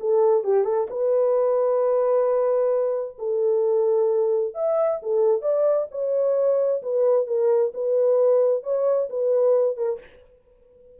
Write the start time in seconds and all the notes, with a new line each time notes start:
0.00 A4
0.44 G4
0.64 A4
0.90 B4
3.18 A4
4.55 E5
5.02 A4
5.42 D5
5.91 C#5
6.82 B4
7.27 A#4
7.74 B4
8.63 C#5
9.10 B4
9.77 A#4